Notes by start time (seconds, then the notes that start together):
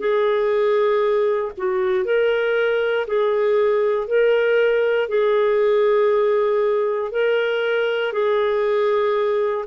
0.00 G#4
1.58 F#4
2.05 A#4
3.07 G#4
4.08 A#4
5.09 G#4
7.12 A#4
8.13 G#4